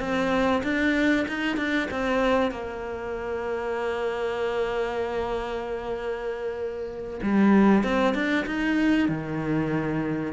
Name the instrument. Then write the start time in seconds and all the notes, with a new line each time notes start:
cello
0.00 C4
0.64 D4
1.28 D#4
1.57 D4
1.91 C4
2.52 A#3
7.23 G3
7.84 C4
8.15 D4
8.46 D#4
9.09 D#3